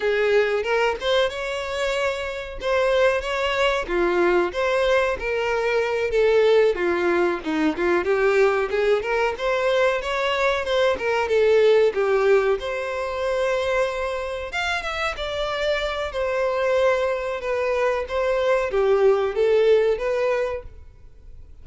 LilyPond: \new Staff \with { instrumentName = "violin" } { \time 4/4 \tempo 4 = 93 gis'4 ais'8 c''8 cis''2 | c''4 cis''4 f'4 c''4 | ais'4. a'4 f'4 dis'8 | f'8 g'4 gis'8 ais'8 c''4 cis''8~ |
cis''8 c''8 ais'8 a'4 g'4 c''8~ | c''2~ c''8 f''8 e''8 d''8~ | d''4 c''2 b'4 | c''4 g'4 a'4 b'4 | }